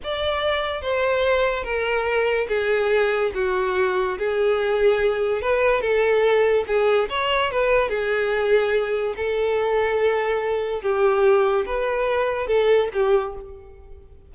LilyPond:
\new Staff \with { instrumentName = "violin" } { \time 4/4 \tempo 4 = 144 d''2 c''2 | ais'2 gis'2 | fis'2 gis'2~ | gis'4 b'4 a'2 |
gis'4 cis''4 b'4 gis'4~ | gis'2 a'2~ | a'2 g'2 | b'2 a'4 g'4 | }